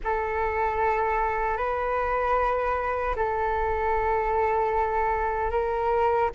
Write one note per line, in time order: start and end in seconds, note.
0.04 1.57 A4
1.57 3.15 B4
3.16 5.50 A4
5.50 6.29 A#4